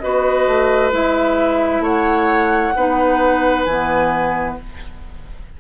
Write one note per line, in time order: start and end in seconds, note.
0.00 0.47 B3
0.00 0.92 F#4
0.00 1.83 B4
0.00 0.91 D#5
0.47 0.93 A3
0.92 1.80 G#3
0.92 2.74 E4
0.92 1.84 E5
1.80 2.71 A3
1.80 2.74 C#5
1.80 3.63 F#5
2.76 3.66 B3
2.76 3.68 D#4
2.76 4.59 B4
3.63 4.57 E3
3.63 4.54 G#5
3.70 4.60 B3